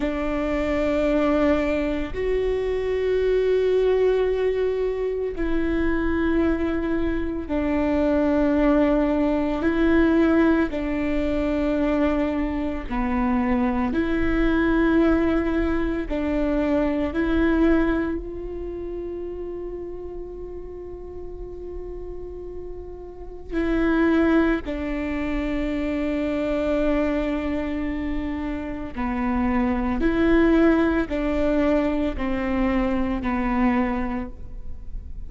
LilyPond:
\new Staff \with { instrumentName = "viola" } { \time 4/4 \tempo 4 = 56 d'2 fis'2~ | fis'4 e'2 d'4~ | d'4 e'4 d'2 | b4 e'2 d'4 |
e'4 f'2.~ | f'2 e'4 d'4~ | d'2. b4 | e'4 d'4 c'4 b4 | }